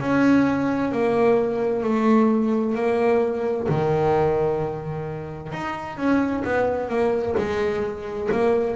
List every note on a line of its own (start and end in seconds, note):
0.00 0.91 C#4
0.91 1.83 A#3
1.83 2.75 A3
2.75 3.67 A#3
3.68 5.52 D#3
5.52 5.97 D#4
5.97 6.43 C#4
6.44 6.89 B3
6.89 7.35 A#3
7.37 8.29 G#3
8.32 8.76 A#3